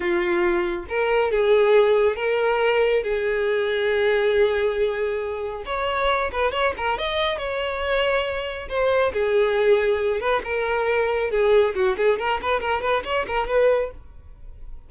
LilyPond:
\new Staff \with { instrumentName = "violin" } { \time 4/4 \tempo 4 = 138 f'2 ais'4 gis'4~ | gis'4 ais'2 gis'4~ | gis'1~ | gis'4 cis''4. b'8 cis''8 ais'8 |
dis''4 cis''2. | c''4 gis'2~ gis'8 b'8 | ais'2 gis'4 fis'8 gis'8 | ais'8 b'8 ais'8 b'8 cis''8 ais'8 b'4 | }